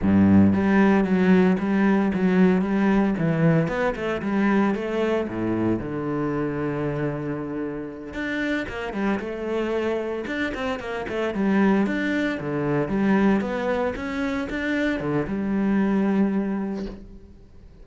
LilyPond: \new Staff \with { instrumentName = "cello" } { \time 4/4 \tempo 4 = 114 g,4 g4 fis4 g4 | fis4 g4 e4 b8 a8 | g4 a4 a,4 d4~ | d2.~ d8 d'8~ |
d'8 ais8 g8 a2 d'8 | c'8 ais8 a8 g4 d'4 d8~ | d8 g4 b4 cis'4 d'8~ | d'8 d8 g2. | }